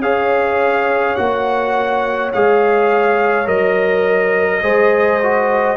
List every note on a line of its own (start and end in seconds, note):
0.00 1.15 C#4
0.00 1.17 G#4
0.00 4.63 C#5
0.00 1.16 F5
1.16 2.34 A#3
1.16 2.32 F#4
1.16 2.31 F#5
2.33 3.48 G#3
2.33 3.46 G#4
2.33 3.48 F5
3.46 4.63 F#3
3.46 4.61 A#4
3.46 5.77 D#5
4.63 5.77 G#3
4.63 5.20 G#4
4.63 5.77 C5
5.23 5.77 F#4